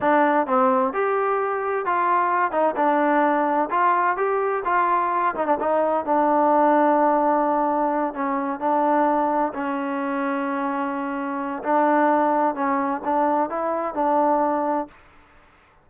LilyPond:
\new Staff \with { instrumentName = "trombone" } { \time 4/4 \tempo 4 = 129 d'4 c'4 g'2 | f'4. dis'8 d'2 | f'4 g'4 f'4. dis'16 d'16 | dis'4 d'2.~ |
d'4. cis'4 d'4.~ | d'8 cis'2.~ cis'8~ | cis'4 d'2 cis'4 | d'4 e'4 d'2 | }